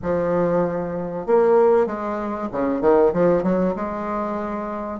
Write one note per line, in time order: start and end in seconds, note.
0.02 1.26 F3
1.26 1.86 A#3
1.86 2.48 G#3
2.52 2.81 C#3
2.81 3.12 D#3
3.13 3.43 F3
3.43 3.74 F#3
3.75 5.00 G#3